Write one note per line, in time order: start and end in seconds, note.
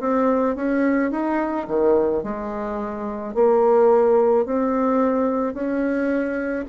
0.00 0.56 C4
0.56 1.11 C#4
1.11 1.67 D#4
1.68 2.23 D#3
2.23 3.34 G#3
3.34 4.45 A#3
4.45 5.54 C4
5.54 6.65 C#4